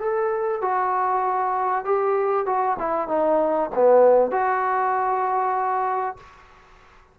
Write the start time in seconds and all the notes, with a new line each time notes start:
0.00 A4
0.62 F#4
1.85 G4
2.47 F#4
2.79 E4
3.08 D#4
3.75 B3
4.32 F#4